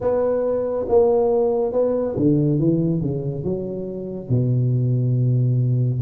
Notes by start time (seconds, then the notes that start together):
0.00 B3
0.88 A#3
1.72 B3
2.16 D3
2.59 E3
3.01 C#3
3.44 F#3
4.29 B2